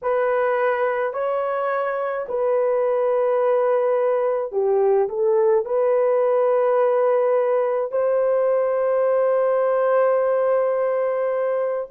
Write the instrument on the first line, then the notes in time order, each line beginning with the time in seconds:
horn
0.02 B4
1.13 C#5
2.28 B4
4.51 G4
5.08 A4
5.64 B4
7.91 C5